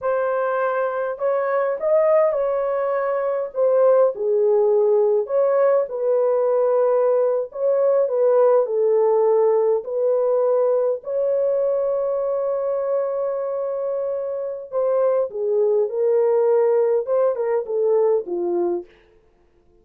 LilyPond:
\new Staff \with { instrumentName = "horn" } { \time 4/4 \tempo 4 = 102 c''2 cis''4 dis''4 | cis''2 c''4 gis'4~ | gis'4 cis''4 b'2~ | b'8. cis''4 b'4 a'4~ a'16~ |
a'8. b'2 cis''4~ cis''16~ | cis''1~ | cis''4 c''4 gis'4 ais'4~ | ais'4 c''8 ais'8 a'4 f'4 | }